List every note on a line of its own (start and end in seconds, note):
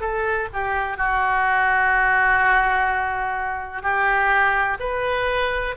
0.00 0.48 A4
0.53 0.97 G4
0.97 3.82 F#4
3.82 4.77 G4
4.80 5.75 B4